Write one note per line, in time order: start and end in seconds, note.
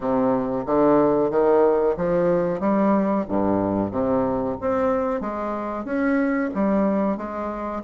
0.00 0.64 C3
0.66 1.30 D3
1.30 1.95 D#3
1.97 2.60 F3
2.60 3.25 G3
3.28 3.91 G2
3.91 4.56 C3
4.61 5.20 C4
5.20 5.84 G#3
5.84 6.50 C#4
6.54 7.17 G3
7.17 7.82 G#3